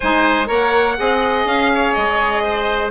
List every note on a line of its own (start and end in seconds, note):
0.00 0.49 G#3
0.00 0.45 D#4
0.00 0.47 C5
0.00 0.47 G#5
0.45 0.98 A#3
0.45 0.94 A#4
0.45 0.96 C#5
0.52 1.47 F#5
0.97 1.45 C4
0.97 2.90 G#4
0.97 1.72 D#5
1.45 1.93 C#4
1.45 1.93 F5
1.74 2.43 C#5
1.93 2.90 G#3
1.93 2.90 D#5
2.43 2.90 C5